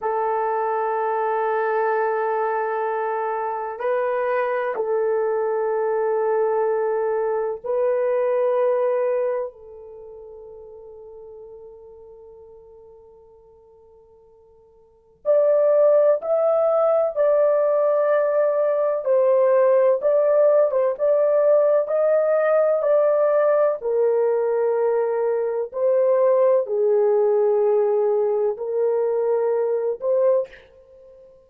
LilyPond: \new Staff \with { instrumentName = "horn" } { \time 4/4 \tempo 4 = 63 a'1 | b'4 a'2. | b'2 a'2~ | a'1 |
d''4 e''4 d''2 | c''4 d''8. c''16 d''4 dis''4 | d''4 ais'2 c''4 | gis'2 ais'4. c''8 | }